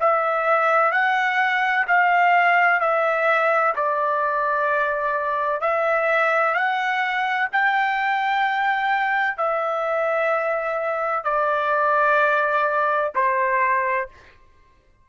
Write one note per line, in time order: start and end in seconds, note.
0.00 0.92 E5
0.92 1.85 F#5
1.87 2.80 F5
2.80 3.74 E5
3.76 5.61 D5
5.61 6.55 E5
6.55 7.48 F#5
7.52 9.37 G5
9.37 11.24 E5
11.24 13.12 D5
13.15 14.09 C5